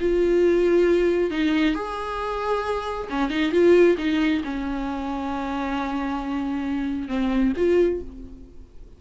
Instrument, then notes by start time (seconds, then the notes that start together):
viola
0.00 F4
1.30 D#4
1.74 G#4
3.09 C#4
3.29 D#4
3.51 F4
3.97 D#4
4.44 C#4
7.08 C4
7.56 F4